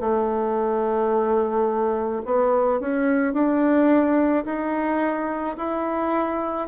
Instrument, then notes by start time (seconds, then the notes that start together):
bassoon
0.00 A3
2.25 B3
2.80 C#4
3.33 D4
4.45 D#4
5.57 E4